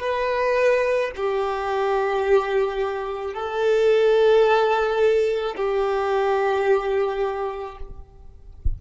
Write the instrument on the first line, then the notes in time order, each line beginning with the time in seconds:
violin
0.00 B4
1.16 G4
3.33 A4
5.56 G4